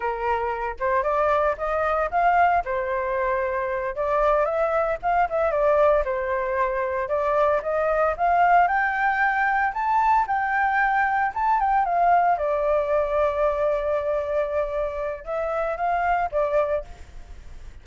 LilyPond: \new Staff \with { instrumentName = "flute" } { \time 4/4 \tempo 4 = 114 ais'4. c''8 d''4 dis''4 | f''4 c''2~ c''8 d''8~ | d''8 e''4 f''8 e''8 d''4 c''8~ | c''4. d''4 dis''4 f''8~ |
f''8 g''2 a''4 g''8~ | g''4. a''8 g''8 f''4 d''8~ | d''1~ | d''4 e''4 f''4 d''4 | }